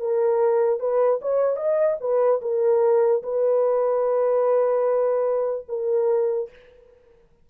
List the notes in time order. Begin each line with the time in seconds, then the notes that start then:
0.00 A#4
0.80 B4
1.22 C#5
1.57 D#5
2.00 B4
2.42 A#4
3.23 B4
5.69 A#4